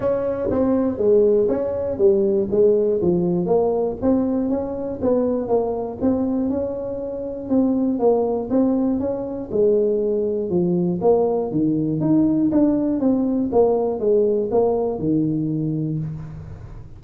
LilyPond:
\new Staff \with { instrumentName = "tuba" } { \time 4/4 \tempo 4 = 120 cis'4 c'4 gis4 cis'4 | g4 gis4 f4 ais4 | c'4 cis'4 b4 ais4 | c'4 cis'2 c'4 |
ais4 c'4 cis'4 gis4~ | gis4 f4 ais4 dis4 | dis'4 d'4 c'4 ais4 | gis4 ais4 dis2 | }